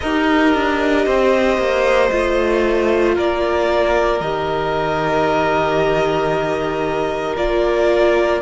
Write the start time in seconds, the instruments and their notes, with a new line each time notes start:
0.00 cello D#4, viola G4, violin A#4 D#5
0.54 cello D4
1.05 cello C4, violin C5
1.57 cello A#3
2.10 cello A3, viola F4
3.15 cello A#3, violin A#4 D5
4.20 cello D#3, viola G4, violin D#5
7.36 cello A#3, viola F4, violin D5